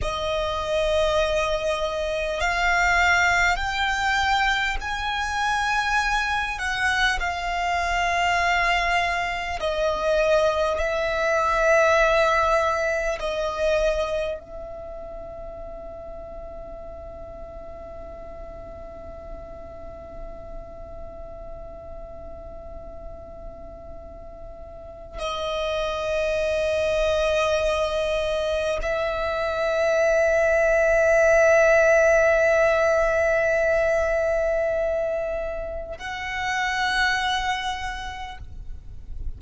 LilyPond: \new Staff \with { instrumentName = "violin" } { \time 4/4 \tempo 4 = 50 dis''2 f''4 g''4 | gis''4. fis''8 f''2 | dis''4 e''2 dis''4 | e''1~ |
e''1~ | e''4 dis''2. | e''1~ | e''2 fis''2 | }